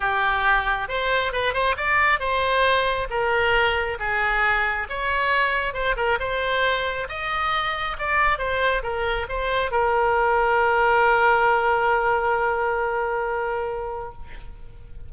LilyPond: \new Staff \with { instrumentName = "oboe" } { \time 4/4 \tempo 4 = 136 g'2 c''4 b'8 c''8 | d''4 c''2 ais'4~ | ais'4 gis'2 cis''4~ | cis''4 c''8 ais'8 c''2 |
dis''2 d''4 c''4 | ais'4 c''4 ais'2~ | ais'1~ | ais'1 | }